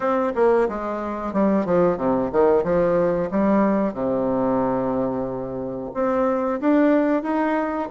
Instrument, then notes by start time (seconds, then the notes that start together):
bassoon
0.00 C4
0.34 A#3
0.68 G#3
1.33 G3
1.65 F3
1.97 C3
2.32 D#3
2.63 F3
3.31 G3
3.93 C3
5.93 C4
6.60 D4
7.22 D#4